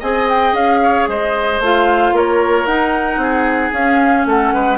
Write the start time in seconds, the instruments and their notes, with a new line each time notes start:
0.00 bassoon C4, clarinet G#4, oboe D#5, flute G#5
0.29 flute G5
0.53 bassoon C#4, flute F5
0.83 oboe C#5
1.08 bassoon G#3, oboe C5, flute D#5
1.60 bassoon A3, clarinet F4, flute F5
2.12 bassoon A#3, oboe A#4, flute C#5
2.66 bassoon D#4, clarinet D#4, flute F#5
3.17 bassoon C4, oboe G#4
3.73 bassoon C#4, clarinet C#4, flute F5
4.26 bassoon A3, oboe A4, flute F#5
4.54 bassoon G#3, oboe B4